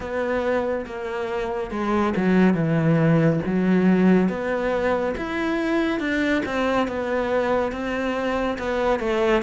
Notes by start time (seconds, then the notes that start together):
0.00 B3
0.86 A#3
1.71 G#3
2.16 F#3
2.54 E3
3.46 F#3
4.29 B3
5.17 E4
5.99 D4
6.45 C4
6.87 B3
7.71 C4
8.58 B3
8.99 A3